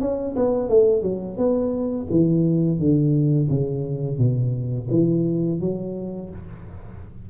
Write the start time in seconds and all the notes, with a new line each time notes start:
0.00 C#4
0.36 B3
0.68 A3
1.02 F#3
1.37 B3
2.10 E3
2.79 D3
3.49 C#3
4.17 B2
4.90 E3
5.60 F#3